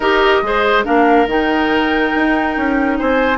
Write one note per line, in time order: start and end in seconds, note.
0.00 0.40 D#4
0.00 0.44 G4
0.00 0.41 A#4
0.00 0.83 D#5
0.42 0.85 G#3
0.42 0.84 G#4
0.42 0.85 C5
0.84 1.26 A#3
0.84 1.27 D4
0.84 2.97 A#4
0.84 1.27 F5
1.26 2.11 D#3
1.26 3.38 D#4
1.26 2.99 G5
2.15 2.56 D#4
2.56 2.99 C#4
2.98 3.38 C4
2.98 3.38 C5
2.98 3.38 G#5